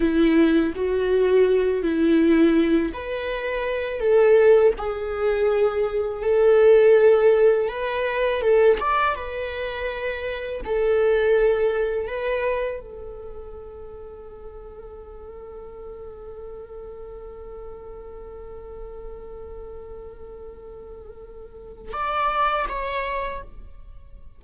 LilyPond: \new Staff \with { instrumentName = "viola" } { \time 4/4 \tempo 4 = 82 e'4 fis'4. e'4. | b'4. a'4 gis'4.~ | gis'8 a'2 b'4 a'8 | d''8 b'2 a'4.~ |
a'8 b'4 a'2~ a'8~ | a'1~ | a'1~ | a'2 d''4 cis''4 | }